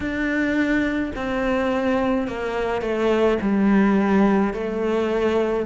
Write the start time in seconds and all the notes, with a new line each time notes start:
0.00 D4
1.15 C4
2.27 A#3
2.81 A3
3.41 G3
4.53 A3